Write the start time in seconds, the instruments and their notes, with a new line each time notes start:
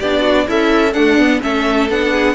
0.00 cello B3, viola D4, violin G4 D5
0.22 violin F#4
0.47 cello C#4, violin E4 E5, viola A4
0.93 viola A3, violin D4 F#5, cello D4
1.18 viola B3
1.42 cello A3, viola C#4, violin A4 E5
1.90 cello B3, viola D4, violin F#5
2.12 violin G#4